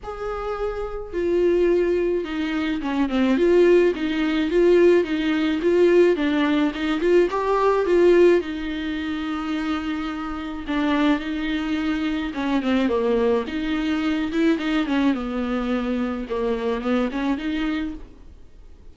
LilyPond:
\new Staff \with { instrumentName = "viola" } { \time 4/4 \tempo 4 = 107 gis'2 f'2 | dis'4 cis'8 c'8 f'4 dis'4 | f'4 dis'4 f'4 d'4 | dis'8 f'8 g'4 f'4 dis'4~ |
dis'2. d'4 | dis'2 cis'8 c'8 ais4 | dis'4. e'8 dis'8 cis'8 b4~ | b4 ais4 b8 cis'8 dis'4 | }